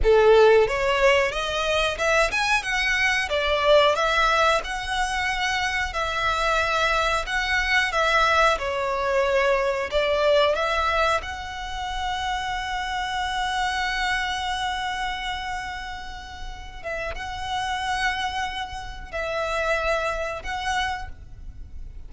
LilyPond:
\new Staff \with { instrumentName = "violin" } { \time 4/4 \tempo 4 = 91 a'4 cis''4 dis''4 e''8 gis''8 | fis''4 d''4 e''4 fis''4~ | fis''4 e''2 fis''4 | e''4 cis''2 d''4 |
e''4 fis''2.~ | fis''1~ | fis''4. e''8 fis''2~ | fis''4 e''2 fis''4 | }